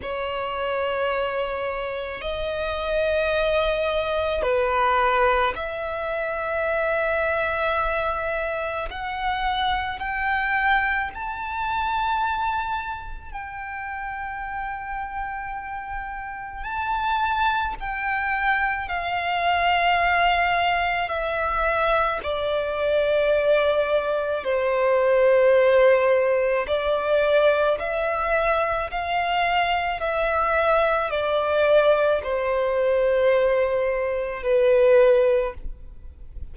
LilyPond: \new Staff \with { instrumentName = "violin" } { \time 4/4 \tempo 4 = 54 cis''2 dis''2 | b'4 e''2. | fis''4 g''4 a''2 | g''2. a''4 |
g''4 f''2 e''4 | d''2 c''2 | d''4 e''4 f''4 e''4 | d''4 c''2 b'4 | }